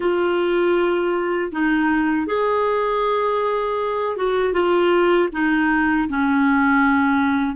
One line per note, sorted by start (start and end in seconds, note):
0.00 1.52 F4
1.52 2.26 D#4
2.26 4.16 G#4
4.16 4.53 F#4
4.53 5.29 F4
5.32 6.08 D#4
6.08 7.55 C#4